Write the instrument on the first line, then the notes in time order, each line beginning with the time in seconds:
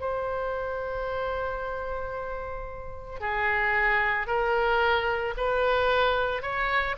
oboe
0.00 C5
3.20 G#4
4.27 A#4
5.37 B4
6.42 C#5